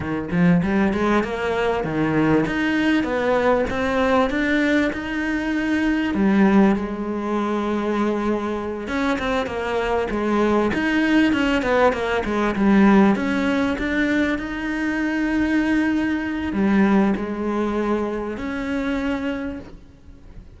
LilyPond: \new Staff \with { instrumentName = "cello" } { \time 4/4 \tempo 4 = 98 dis8 f8 g8 gis8 ais4 dis4 | dis'4 b4 c'4 d'4 | dis'2 g4 gis4~ | gis2~ gis8 cis'8 c'8 ais8~ |
ais8 gis4 dis'4 cis'8 b8 ais8 | gis8 g4 cis'4 d'4 dis'8~ | dis'2. g4 | gis2 cis'2 | }